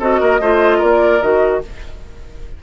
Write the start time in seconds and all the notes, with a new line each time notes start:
0.00 C4 F#4 A4 D#5
0.20 A#3 A#4
0.40 A3 F4 C5
0.78 A#3 A#4 D5
1.21 D#3 F#4 D#5